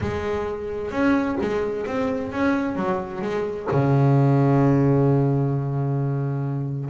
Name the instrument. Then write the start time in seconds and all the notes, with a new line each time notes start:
double bass
0.00 G#3
0.91 C#4
1.41 G#3
1.86 C4
2.32 C#4
2.75 F#3
3.21 G#3
3.71 C#3